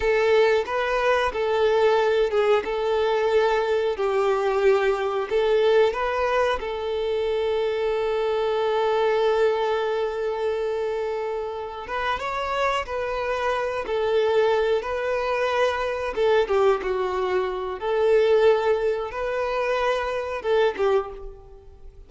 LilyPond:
\new Staff \with { instrumentName = "violin" } { \time 4/4 \tempo 4 = 91 a'4 b'4 a'4. gis'8 | a'2 g'2 | a'4 b'4 a'2~ | a'1~ |
a'2 b'8 cis''4 b'8~ | b'4 a'4. b'4.~ | b'8 a'8 g'8 fis'4. a'4~ | a'4 b'2 a'8 g'8 | }